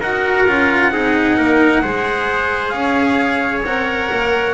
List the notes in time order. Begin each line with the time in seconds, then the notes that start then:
0.00 D#4 F#4 A#4 F#5
0.48 C#4 F4
0.92 C4 D#4 G#4
1.37 A#3 A#4
1.82 G#3 G#4 C5
2.69 C#4 C#5 F5
3.65 C4 A#4 F#5
4.12 A#3